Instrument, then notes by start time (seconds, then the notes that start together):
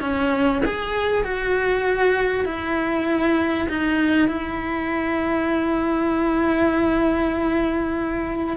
cello
0.00 C#4
0.65 G#4
1.24 F#4
2.45 E4
3.68 D#4
4.28 E4